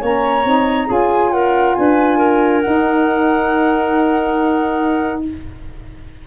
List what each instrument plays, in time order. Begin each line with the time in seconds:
0.00 tuba A#3, saxophone C#4, clarinet C#5, flute A#5
0.45 tuba C4, saxophone D#4
0.87 tuba C#4, saxophone F4, clarinet G#4, flute G#5
1.32 clarinet A#4, flute F#5
1.75 tuba D4, clarinet B4, flute G#5
2.18 clarinet A#4
2.62 saxophone D#4, tuba D#4, flute F#5